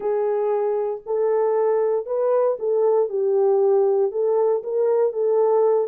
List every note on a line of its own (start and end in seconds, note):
0.00 1.01 G#4
1.06 2.06 A4
2.06 2.57 B4
2.59 3.09 A4
3.09 4.11 G4
4.11 4.62 A4
4.63 5.13 A#4
5.13 5.87 A4